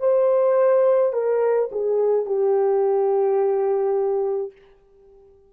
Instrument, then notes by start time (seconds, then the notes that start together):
horn
0.00 C5
1.13 A#4
1.72 G#4
2.26 G4